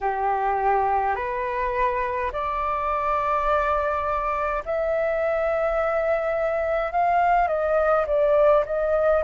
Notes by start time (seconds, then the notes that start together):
0.00 G4
1.15 B4
2.32 D5
4.65 E5
6.92 F5
7.47 D#5
8.07 D5
8.65 D#5